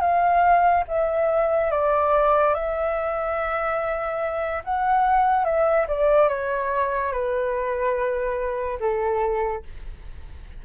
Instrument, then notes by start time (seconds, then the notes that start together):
flute
0.00 F5
0.87 E5
1.70 D5
2.54 E5
4.64 F#5
5.44 E5
5.87 D5
6.28 C#5
7.12 B4
8.80 A4